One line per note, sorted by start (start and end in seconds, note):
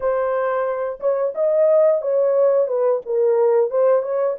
0.00 0.99 C5
1.00 1.33 C#5
1.35 2.01 D#5
2.01 2.67 C#5
2.67 3.01 B4
3.05 3.70 A#4
3.70 4.02 C5
4.02 4.36 C#5